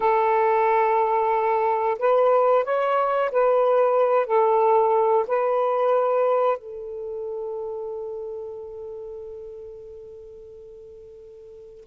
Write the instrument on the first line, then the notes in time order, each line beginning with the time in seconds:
saxophone
0.00 A4
1.98 B4
2.64 C#5
3.31 B4
4.26 A4
5.27 B4
6.57 A4